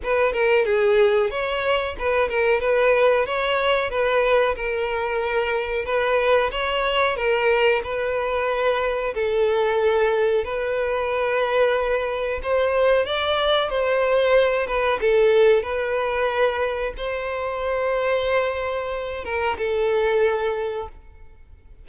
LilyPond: \new Staff \with { instrumentName = "violin" } { \time 4/4 \tempo 4 = 92 b'8 ais'8 gis'4 cis''4 b'8 ais'8 | b'4 cis''4 b'4 ais'4~ | ais'4 b'4 cis''4 ais'4 | b'2 a'2 |
b'2. c''4 | d''4 c''4. b'8 a'4 | b'2 c''2~ | c''4. ais'8 a'2 | }